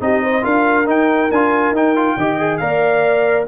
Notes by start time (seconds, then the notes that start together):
0.00 C4 D#4 G4 D#5
0.23 C5
0.42 D4 F4 A#4 F5
0.86 D#4 G5
1.31 D4 F4 G#5
1.71 D#4 G5
1.96 F4
2.17 D#3 G4 D#5
2.39 G#4
2.57 A#3 A#4 D5 F5